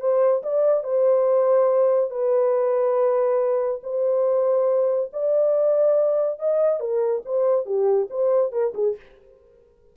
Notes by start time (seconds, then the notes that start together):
0.00 C5
0.43 D5
0.84 C5
2.10 B4
3.83 C5
5.13 D5
6.39 D#5
6.80 A#4
7.25 C5
7.66 G4
8.10 C5
8.52 A#4
8.75 G#4